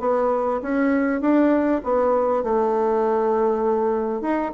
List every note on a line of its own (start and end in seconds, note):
0.00 0.61 B3
0.62 1.21 C#4
1.21 1.82 D4
1.84 2.43 B3
2.43 4.21 A3
4.21 4.52 D#4